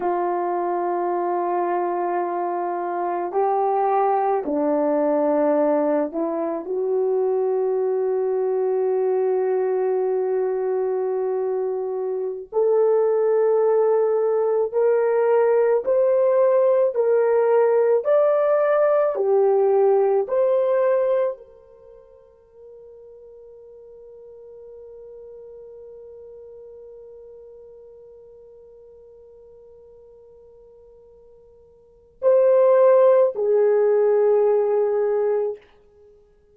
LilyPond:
\new Staff \with { instrumentName = "horn" } { \time 4/4 \tempo 4 = 54 f'2. g'4 | d'4. e'8 fis'2~ | fis'2.~ fis'16 a'8.~ | a'4~ a'16 ais'4 c''4 ais'8.~ |
ais'16 d''4 g'4 c''4 ais'8.~ | ais'1~ | ais'1~ | ais'4 c''4 gis'2 | }